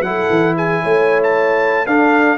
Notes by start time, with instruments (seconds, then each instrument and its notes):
0.00 tuba F#3, trombone E4, horn A4, trumpet F#5
0.29 tuba E3
0.56 horn G#4, trumpet G#5
0.82 tuba A3, horn C#5
1.23 trumpet A5
1.86 tuba D4, trombone D4, horn A4, trumpet F5